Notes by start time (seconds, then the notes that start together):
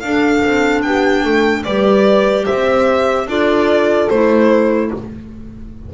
0.00 D4 A4 F5
0.44 C4
0.82 B3 G4 G5
1.23 A3 A4
1.64 G3 G4 B4 D5
2.46 C4 C5 E5
3.27 D4 F4 A4 D5
4.09 A3 E4 C5